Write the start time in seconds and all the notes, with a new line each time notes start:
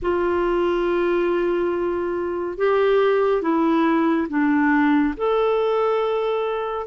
0.02 F4
2.57 G4
3.42 E4
4.28 D4
5.17 A4